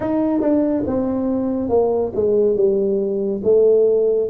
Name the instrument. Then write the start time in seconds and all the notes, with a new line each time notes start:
tuba
0.00 D#4
0.41 D4
0.86 C4
1.69 A#3
2.15 G#3
2.56 G3
3.43 A3